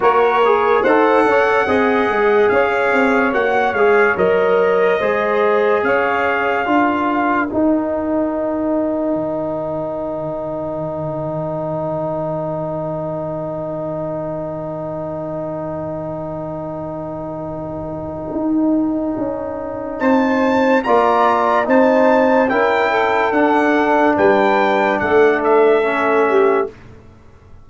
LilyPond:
<<
  \new Staff \with { instrumentName = "trumpet" } { \time 4/4 \tempo 4 = 72 cis''4 fis''2 f''4 | fis''8 f''8 dis''2 f''4~ | f''4 g''2.~ | g''1~ |
g''1~ | g''1 | a''4 ais''4 a''4 g''4 | fis''4 g''4 fis''8 e''4. | }
  \new Staff \with { instrumentName = "saxophone" } { \time 4/4 ais'4 c''8 cis''8 dis''4 cis''4~ | cis''2 c''4 cis''4 | ais'1~ | ais'1~ |
ais'1~ | ais'1 | c''4 d''4 c''4 ais'8 a'8~ | a'4 b'4 a'4. g'8 | }
  \new Staff \with { instrumentName = "trombone" } { \time 4/4 fis'8 gis'8 a'4 gis'2 | fis'8 gis'8 ais'4 gis'2 | f'4 dis'2.~ | dis'1~ |
dis'1~ | dis'1~ | dis'4 f'4 dis'4 e'4 | d'2. cis'4 | }
  \new Staff \with { instrumentName = "tuba" } { \time 4/4 ais4 dis'8 cis'8 c'8 gis8 cis'8 c'8 | ais8 gis8 fis4 gis4 cis'4 | d'4 dis'2 dis4~ | dis1~ |
dis1~ | dis2 dis'4 cis'4 | c'4 ais4 c'4 cis'4 | d'4 g4 a2 | }
>>